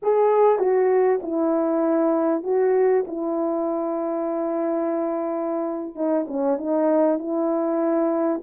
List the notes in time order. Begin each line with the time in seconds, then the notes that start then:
0.02 G#4
0.58 F#4
1.22 E4
2.43 F#4
3.07 E4
5.95 D#4
6.27 C#4
6.57 D#4
7.18 E4